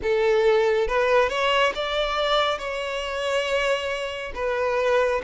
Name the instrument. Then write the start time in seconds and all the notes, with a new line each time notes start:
violin
0.02 A4
0.87 B4
1.29 C#5
1.74 D5
2.58 C#5
4.34 B4